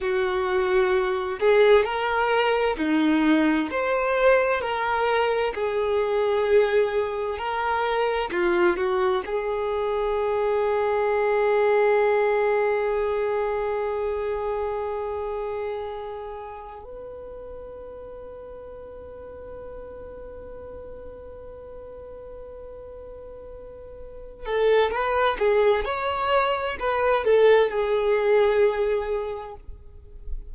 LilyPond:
\new Staff \with { instrumentName = "violin" } { \time 4/4 \tempo 4 = 65 fis'4. gis'8 ais'4 dis'4 | c''4 ais'4 gis'2 | ais'4 f'8 fis'8 gis'2~ | gis'1~ |
gis'2~ gis'16 b'4.~ b'16~ | b'1~ | b'2~ b'8 a'8 b'8 gis'8 | cis''4 b'8 a'8 gis'2 | }